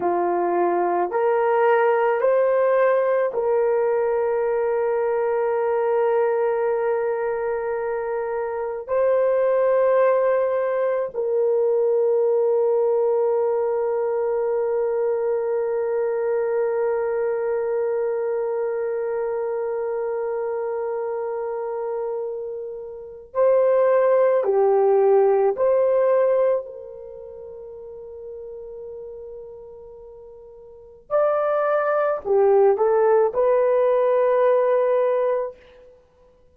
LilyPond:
\new Staff \with { instrumentName = "horn" } { \time 4/4 \tempo 4 = 54 f'4 ais'4 c''4 ais'4~ | ais'1 | c''2 ais'2~ | ais'1~ |
ais'1~ | ais'4 c''4 g'4 c''4 | ais'1 | d''4 g'8 a'8 b'2 | }